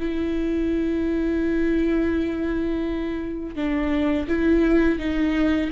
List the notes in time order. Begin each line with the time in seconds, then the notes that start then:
0.00 E4
3.56 D4
4.28 E4
4.99 D#4